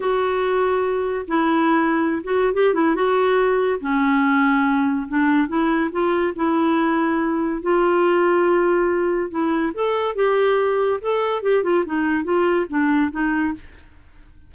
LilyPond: \new Staff \with { instrumentName = "clarinet" } { \time 4/4 \tempo 4 = 142 fis'2. e'4~ | e'4~ e'16 fis'8. g'8 e'8 fis'4~ | fis'4 cis'2. | d'4 e'4 f'4 e'4~ |
e'2 f'2~ | f'2 e'4 a'4 | g'2 a'4 g'8 f'8 | dis'4 f'4 d'4 dis'4 | }